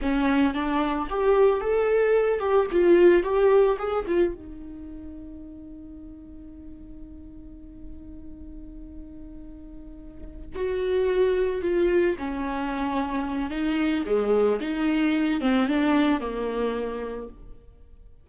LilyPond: \new Staff \with { instrumentName = "viola" } { \time 4/4 \tempo 4 = 111 cis'4 d'4 g'4 a'4~ | a'8 g'8 f'4 g'4 gis'8 f'8 | dis'1~ | dis'1~ |
dis'2.~ dis'8 fis'8~ | fis'4. f'4 cis'4.~ | cis'4 dis'4 gis4 dis'4~ | dis'8 c'8 d'4 ais2 | }